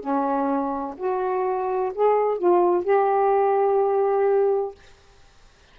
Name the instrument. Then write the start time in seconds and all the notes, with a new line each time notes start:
saxophone
0.00 C#4
0.97 F#4
1.95 G#4
2.38 F4
2.84 G4